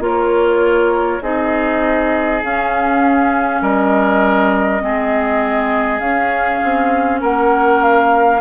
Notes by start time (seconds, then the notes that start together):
0.00 A#3 F4 A#4 C#5
1.22 C4 D#4 G#4 D#5
2.43 C#4 F5
3.62 G3 A#4 D#5
4.80 G#3 C4 G#4
6.00 C#4 F5
6.64 C4
7.21 A#3 A#4 F#5
7.83 F5